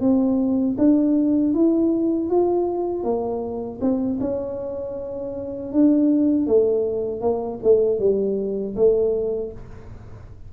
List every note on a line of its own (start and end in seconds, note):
0.00 0.76 C4
0.78 1.54 D4
1.54 2.29 E4
2.29 3.03 F4
3.03 3.79 A#3
3.81 4.19 C4
4.20 5.72 C#4
5.72 6.46 D4
6.46 7.21 A3
7.21 7.59 A#3
7.63 7.99 A3
7.99 8.75 G3
8.75 9.51 A3